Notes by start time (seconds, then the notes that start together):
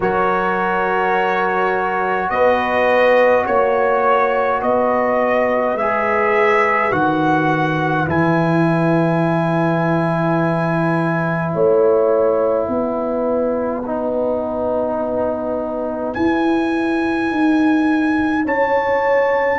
0.00 F#3 F#4 A#4 C#5
2.29 B3 B4 D#5
3.46 A#3 C#5
4.60 B3 B4 D#5
5.75 G#3 G#4 E5
6.91 D#3 F#4 F#5
8.06 E3 E4 G#5
11.52 A3 C#5 F#5
12.67 B3 B4
13.85 D#4
16.13 E4 G#5
17.31 D#4
18.45 C#4 C#5 A5